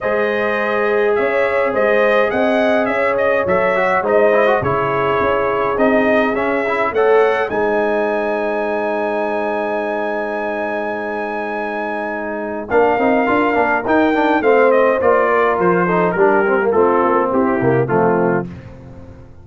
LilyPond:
<<
  \new Staff \with { instrumentName = "trumpet" } { \time 4/4 \tempo 4 = 104 dis''2 e''4 dis''4 | fis''4 e''8 dis''8 e''4 dis''4 | cis''2 dis''4 e''4 | fis''4 gis''2.~ |
gis''1~ | gis''2 f''2 | g''4 f''8 dis''8 d''4 c''4 | ais'4 a'4 g'4 f'4 | }
  \new Staff \with { instrumentName = "horn" } { \time 4/4 c''2 cis''4 c''4 | dis''4 cis''2 c''4 | gis'1 | cis''4 c''2.~ |
c''1~ | c''2 ais'2~ | ais'4 c''4. ais'4 a'8 | g'4 f'4 e'4 c'4 | }
  \new Staff \with { instrumentName = "trombone" } { \time 4/4 gis'1~ | gis'2 a'8 fis'8 dis'8 e'16 fis'16 | e'2 dis'4 cis'8 e'8 | a'4 dis'2.~ |
dis'1~ | dis'2 d'8 dis'8 f'8 d'8 | dis'8 d'8 c'4 f'4. dis'8 | d'8 c'16 ais16 c'4. ais8 a4 | }
  \new Staff \with { instrumentName = "tuba" } { \time 4/4 gis2 cis'4 gis4 | c'4 cis'4 fis4 gis4 | cis4 cis'4 c'4 cis'4 | a4 gis2.~ |
gis1~ | gis2 ais8 c'8 d'8 ais8 | dis'4 a4 ais4 f4 | g4 a8 ais8 c'8 c8 f4 | }
>>